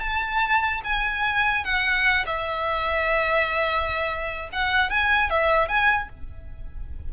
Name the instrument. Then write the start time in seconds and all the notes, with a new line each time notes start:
violin
0.00 A5
0.84 G#5
1.64 F#5
2.26 E5
4.52 F#5
4.90 G#5
5.30 E5
5.68 G#5